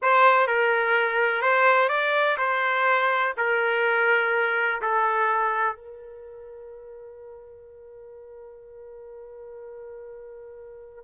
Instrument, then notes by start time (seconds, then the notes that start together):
trumpet
0.01 C5
0.47 A#4
1.41 C5
1.89 D5
2.37 C5
3.37 A#4
4.81 A4
5.76 A#4